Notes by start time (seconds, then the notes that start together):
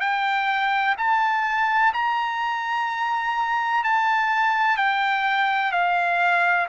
0.00 G5
0.98 A5
1.94 A#5
3.84 A5
4.77 G5
5.72 F5